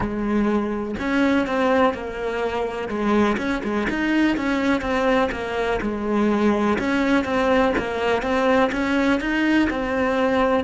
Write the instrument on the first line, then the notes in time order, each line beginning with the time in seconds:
cello
0.00 G#3
0.99 C#4
1.46 C4
1.94 A#3
2.88 G#3
3.37 C#4
3.63 G#3
3.89 D#4
4.36 C#4
4.81 C4
5.31 A#3
5.81 G#3
6.78 C#4
7.24 C4
7.77 A#3
8.22 C4
8.71 C#4
9.20 D#4
9.70 C4